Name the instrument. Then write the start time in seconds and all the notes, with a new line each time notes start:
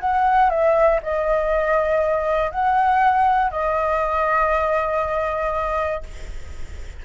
flute
0.00 F#5
0.50 E5
1.03 D#5
2.51 F#5
3.51 D#5